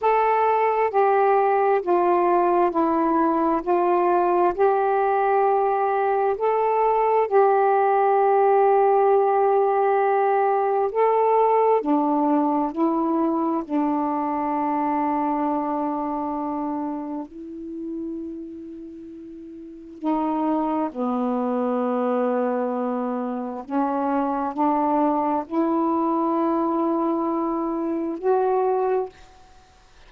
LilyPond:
\new Staff \with { instrumentName = "saxophone" } { \time 4/4 \tempo 4 = 66 a'4 g'4 f'4 e'4 | f'4 g'2 a'4 | g'1 | a'4 d'4 e'4 d'4~ |
d'2. e'4~ | e'2 dis'4 b4~ | b2 cis'4 d'4 | e'2. fis'4 | }